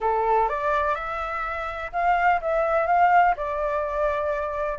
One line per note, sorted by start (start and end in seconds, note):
0.00 0.48 A4
0.48 0.95 D5
0.95 1.91 E5
1.92 2.40 F5
2.41 2.86 E5
2.86 3.34 F5
3.36 4.78 D5